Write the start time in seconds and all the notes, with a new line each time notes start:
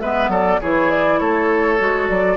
0.00 G#3 B3 B4 E5
0.28 F#3 A4 D5
0.60 E3 E4 G#4 C#5
0.90 D5
1.19 A3 A4 C#5
1.78 G#3 F#4
2.08 F#3 D5